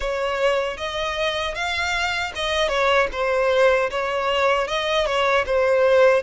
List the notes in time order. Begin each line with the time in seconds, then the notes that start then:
0.00 C#5
0.77 D#5
1.54 F5
2.35 D#5
2.68 C#5
3.12 C5
3.90 C#5
4.68 D#5
5.05 C#5
5.46 C5